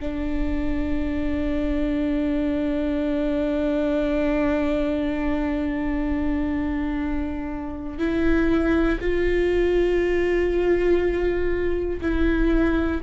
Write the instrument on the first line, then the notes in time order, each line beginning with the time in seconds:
viola
0.00 D4
7.98 E4
9.00 F4
12.01 E4